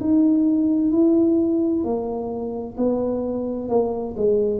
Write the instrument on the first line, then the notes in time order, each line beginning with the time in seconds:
tuba
0.00 D#4
0.91 E4
1.84 A#3
2.77 B3
3.69 A#3
4.17 G#3